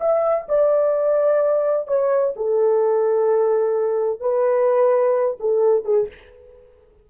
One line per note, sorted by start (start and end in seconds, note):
0.00 0.47 E5
0.48 1.87 D5
1.87 2.34 C#5
2.36 4.20 A4
4.20 5.37 B4
5.40 5.85 A4
5.85 6.08 G#4